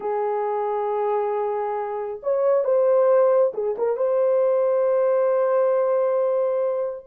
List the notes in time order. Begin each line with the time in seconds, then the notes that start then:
0.00 G#4
2.22 C#5
2.64 C5
3.54 G#4
3.78 A#4
3.96 C5